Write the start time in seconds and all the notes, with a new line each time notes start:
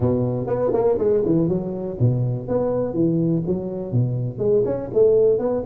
0.00 B2
0.46 B3
0.73 A#3
0.98 G#3
1.25 E3
1.48 F#3
1.99 B2
2.48 B3
2.93 E3
3.46 F#3
3.92 B2
4.38 G#3
4.65 C#4
4.93 A3
5.38 B3